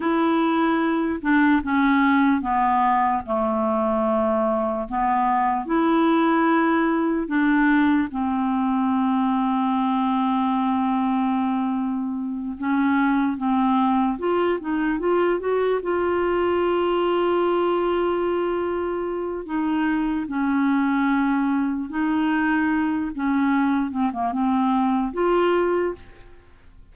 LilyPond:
\new Staff \with { instrumentName = "clarinet" } { \time 4/4 \tempo 4 = 74 e'4. d'8 cis'4 b4 | a2 b4 e'4~ | e'4 d'4 c'2~ | c'2.~ c'8 cis'8~ |
cis'8 c'4 f'8 dis'8 f'8 fis'8 f'8~ | f'1 | dis'4 cis'2 dis'4~ | dis'8 cis'4 c'16 ais16 c'4 f'4 | }